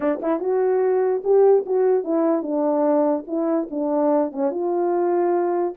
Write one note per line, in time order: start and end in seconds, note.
0.00 0.20 D4
0.21 0.40 E4
0.40 1.22 F#4
1.23 1.65 G4
1.66 2.04 F#4
2.04 2.42 E4
2.42 3.24 D4
3.27 3.68 E4
3.70 4.32 D4
4.32 4.51 C#4
4.51 5.74 F4